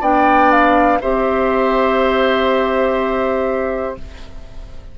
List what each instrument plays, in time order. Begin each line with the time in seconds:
0.00 bassoon B3, clarinet D4, oboe D5, flute G5
0.51 flute F5
1.01 bassoon C4, clarinet G4, oboe C5, flute E5